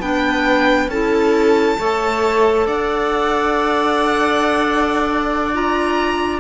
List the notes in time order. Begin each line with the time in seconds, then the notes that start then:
0.00 B3 D4 B4 G5
0.88 C#4 E4 A4 A5
1.78 A3 A4 C#5
2.67 D4 D5 F#5
5.54 F4 A#5